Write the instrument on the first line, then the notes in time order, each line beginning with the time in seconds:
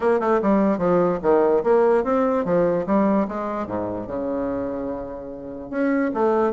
bassoon
0.00 A#3
0.19 A3
0.42 G3
0.78 F3
1.22 D#3
1.63 A#3
2.04 C4
2.45 F3
2.86 G3
3.28 G#3
3.67 G#2
4.07 C#3
5.70 C#4
6.13 A3